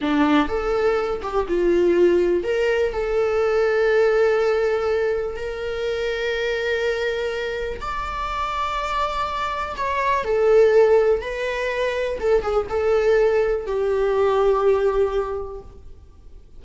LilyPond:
\new Staff \with { instrumentName = "viola" } { \time 4/4 \tempo 4 = 123 d'4 a'4. g'8 f'4~ | f'4 ais'4 a'2~ | a'2. ais'4~ | ais'1 |
d''1 | cis''4 a'2 b'4~ | b'4 a'8 gis'8 a'2 | g'1 | }